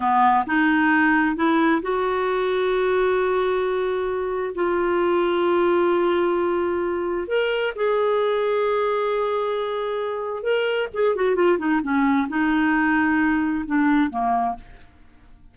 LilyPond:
\new Staff \with { instrumentName = "clarinet" } { \time 4/4 \tempo 4 = 132 b4 dis'2 e'4 | fis'1~ | fis'2 f'2~ | f'1 |
ais'4 gis'2.~ | gis'2. ais'4 | gis'8 fis'8 f'8 dis'8 cis'4 dis'4~ | dis'2 d'4 ais4 | }